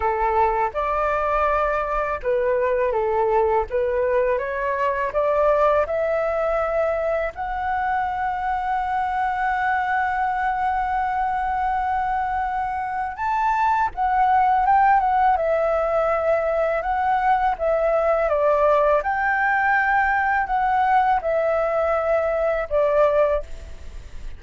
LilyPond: \new Staff \with { instrumentName = "flute" } { \time 4/4 \tempo 4 = 82 a'4 d''2 b'4 | a'4 b'4 cis''4 d''4 | e''2 fis''2~ | fis''1~ |
fis''2 a''4 fis''4 | g''8 fis''8 e''2 fis''4 | e''4 d''4 g''2 | fis''4 e''2 d''4 | }